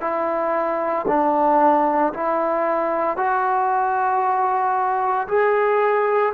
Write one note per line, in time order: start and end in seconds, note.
0.00 1.05 E4
1.07 2.12 D4
2.13 3.16 E4
3.16 5.27 F#4
5.27 6.33 G#4